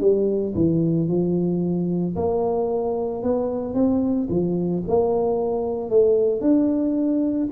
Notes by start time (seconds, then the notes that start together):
0.00 G3
0.54 E3
1.08 F3
2.16 A#3
3.22 B3
3.74 C4
4.29 F3
4.87 A#3
5.89 A3
6.41 D4